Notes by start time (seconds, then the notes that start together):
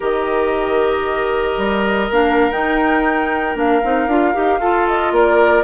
0.00 D#3 G4 A#4 D#5
1.57 G3
2.10 A#3 D4 F5
2.50 D#4 G5
3.54 A#3 D4 F5
3.83 C4 D#4
4.07 D4 F4
4.33 D#4 G4
4.58 F4 A4
4.87 D#5
5.11 A#3 A#4 D5